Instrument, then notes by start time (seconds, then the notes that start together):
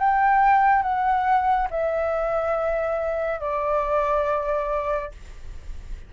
flute
0.00 G5
0.83 F#5
1.71 E5
3.40 D5